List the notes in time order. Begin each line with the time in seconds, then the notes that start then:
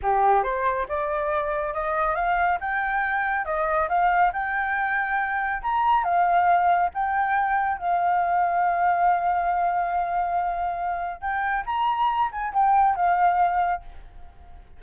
0.02 G4
0.43 C5
0.88 D5
1.73 D#5
2.15 F5
2.60 G5
3.45 D#5
3.88 F5
4.32 G5
5.62 A#5
6.03 F5
6.94 G5
7.78 F5
11.21 G5
11.66 A#5
12.31 G#5
12.53 G5
12.95 F5